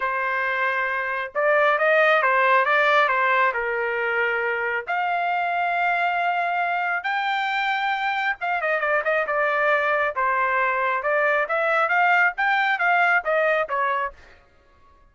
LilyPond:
\new Staff \with { instrumentName = "trumpet" } { \time 4/4 \tempo 4 = 136 c''2. d''4 | dis''4 c''4 d''4 c''4 | ais'2. f''4~ | f''1 |
g''2. f''8 dis''8 | d''8 dis''8 d''2 c''4~ | c''4 d''4 e''4 f''4 | g''4 f''4 dis''4 cis''4 | }